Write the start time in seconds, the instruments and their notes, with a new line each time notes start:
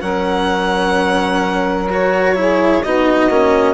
0.00 bassoon F#3, cello C#4, saxophone A#4, violin F#5
1.89 cello F#4, violin C#5
2.35 cello E4, saxophone G#4
2.83 bassoon B3, cello D#4, saxophone F#4, violin D#5
3.29 bassoon A#3, cello C#4